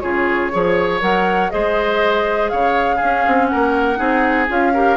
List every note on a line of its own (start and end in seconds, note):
0.00 0.52 C#3
0.00 0.51 F4
0.00 0.51 G#4
0.00 0.99 C#5
0.51 1.01 F3
0.51 1.01 G#4
0.51 1.52 C#5
1.01 1.51 F#3
1.01 1.50 A#4
1.01 1.50 F#5
1.50 2.52 G#3
1.50 2.99 G#4
1.50 2.51 C5
1.50 2.49 D#5
2.49 3.01 C#3
2.49 2.96 C#5
2.49 3.47 F5
2.96 3.26 C#4
2.96 3.45 G#4
3.02 3.96 C#4
3.26 3.51 C4
3.47 3.98 A#4
3.47 4.46 F#5
3.53 3.99 A#3
3.96 4.48 C4
3.96 4.46 D#4
3.96 4.72 G#4
4.48 4.97 C#4
4.48 4.73 F4
4.48 4.97 F5
4.73 4.97 G4
4.73 4.97 A#4